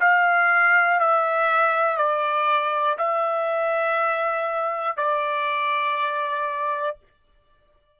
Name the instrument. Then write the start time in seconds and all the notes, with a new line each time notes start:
trumpet
0.00 F5
1.00 E5
1.97 D5
2.98 E5
4.97 D5